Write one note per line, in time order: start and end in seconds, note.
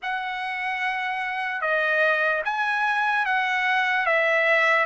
0.02 1.61 F#5
1.61 2.42 D#5
2.44 3.25 G#5
3.25 4.05 F#5
4.05 4.85 E5